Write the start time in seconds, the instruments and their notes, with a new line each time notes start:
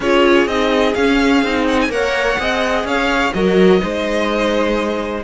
0.00 cello C#4, viola F4, violin G#4 C#5
0.46 cello C4, viola D#4, violin D#5
0.94 cello C#4, viola C#4, violin F5
1.43 cello C4, viola D#4
1.67 violin F#5
1.81 violin G#5
1.88 cello A#3, viola A#4, violin C#5 F#5
2.38 cello C4, viola G#4, violin D#5
2.84 cello C#4, violin C#5 F5
3.33 cello F#3, viola F#4, violin A#4 D#5
3.78 cello G#3, viola D#4, violin C5